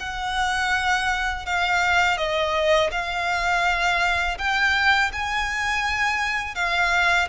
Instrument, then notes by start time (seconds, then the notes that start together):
violin
0.00 F#5
1.46 F5
2.17 D#5
2.91 F5
4.38 G5
5.13 G#5
6.55 F5